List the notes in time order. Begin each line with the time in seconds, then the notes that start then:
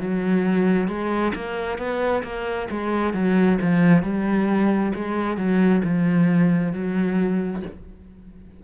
0.00 F#3
0.88 G#3
1.35 A#3
1.78 B3
2.23 A#3
2.70 G#3
3.13 F#3
3.61 F3
4.03 G3
4.95 G#3
5.37 F#3
5.84 F3
6.73 F#3